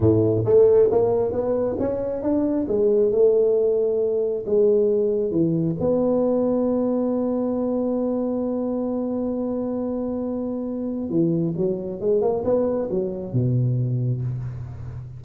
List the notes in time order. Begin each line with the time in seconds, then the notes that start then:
0.00 A2
0.45 A3
0.91 A#3
1.32 B3
1.79 C#4
2.22 D4
2.67 G#3
3.11 A3
4.45 G#3
5.31 E3
5.79 B3
11.09 E3
11.56 F#3
12.00 G#3
12.21 A#3
12.44 B3
12.90 F#3
13.32 B2